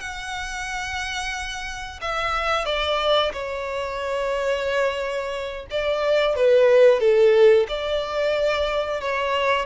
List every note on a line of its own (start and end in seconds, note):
0.00 2.00 F#5
2.01 2.65 E5
2.65 3.32 D5
3.33 5.66 C#5
5.70 6.35 D5
6.35 7.00 B4
7.00 7.66 A4
7.68 9.01 D5
9.01 9.66 C#5